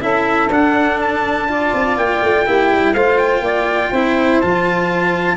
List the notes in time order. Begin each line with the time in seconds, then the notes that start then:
0.00 C#4 E4 A4 E5
0.49 D4 F#5
1.01 A5
1.48 F4 D5
1.74 C4
1.97 A#3 G5
2.22 A3
2.46 A#3 E4 G4
2.72 G3
2.94 A3 F4 C5 F5
3.18 G5
3.41 A#3 D5
3.90 C4 E4 C5
4.41 F3 F4 A5